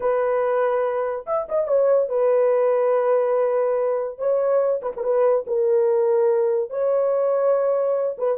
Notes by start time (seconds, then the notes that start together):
0.00 B4
1.26 E5
1.49 D#5
1.67 C#5
2.08 B4
4.18 C#5
4.82 B4
4.96 A#4
5.03 B4
5.46 A#4
6.70 C#5
8.18 B4